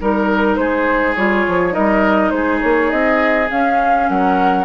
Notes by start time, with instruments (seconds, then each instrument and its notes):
0.00 bassoon G3, clarinet D#4, oboe A#4, flute A#4
0.55 bassoon G#3, oboe G#4, flute C5
1.15 bassoon G3, clarinet F4, flute C#5
1.47 bassoon F3
1.70 bassoon G3, clarinet D#4, oboe A#4, flute D#5
2.30 bassoon G#3, oboe G#4, flute C5
2.61 bassoon A#3, flute C#5
2.90 bassoon C4, flute D#5
3.50 bassoon C#4, clarinet C#4, flute F5
4.09 bassoon F#3, oboe A#4, flute F#5